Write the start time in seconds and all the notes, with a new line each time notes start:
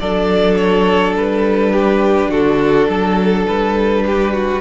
0.00 F#3 D4 A4 D5
0.56 C#5
1.16 G3 B4
1.73 G4
2.30 D3 F#4 A4
2.89 F#3 A4
3.47 G3 B4
4.06 G4
4.33 F#4